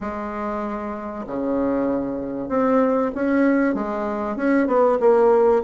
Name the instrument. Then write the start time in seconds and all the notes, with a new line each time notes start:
bassoon
0.00 G#3
1.26 C#3
2.48 C4
3.14 C#4
3.74 G#3
4.36 C#4
4.67 B3
5.00 A#3